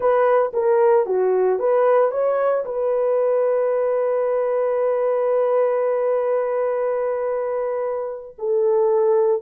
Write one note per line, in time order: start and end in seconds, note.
0.00 0.52 B4
0.53 1.06 A#4
1.06 1.59 F#4
1.59 2.11 B4
2.11 2.64 C#5
2.65 8.36 B4
8.38 9.42 A4